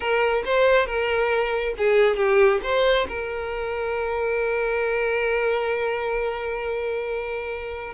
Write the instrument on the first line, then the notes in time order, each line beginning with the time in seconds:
violin
0.00 A#4
0.45 C5
0.86 A#4
1.77 G#4
2.16 G4
2.63 C5
3.08 A#4